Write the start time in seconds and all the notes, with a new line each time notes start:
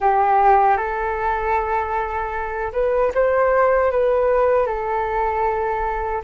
0.00 G4
0.77 A4
2.73 B4
3.14 C5
3.91 B4
4.66 A4